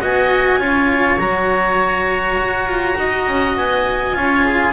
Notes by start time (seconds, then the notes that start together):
0.00 B3 F#4 D#5 G#5
0.58 C#4 F4 C#5
1.18 F#3 F#4 A#5
2.37 F#4
2.66 F4
2.97 D#4 D#5
3.27 C#4
3.56 B3 G#5
4.14 C#4 F4 C#5
4.45 G#4